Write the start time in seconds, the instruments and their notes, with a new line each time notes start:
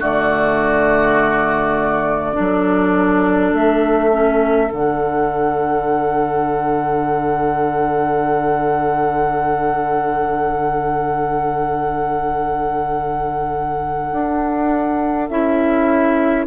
0.00 bassoon D3, clarinet A3, oboe F#4, flute D5
2.34 clarinet D4, oboe A4
2.40 bassoon F#3
3.53 bassoon A3, flute E5
4.12 clarinet C#4
4.68 bassoon D3, clarinet D4, flute F#5
14.12 bassoon D4
15.29 bassoon C#4, clarinet E4, flute E5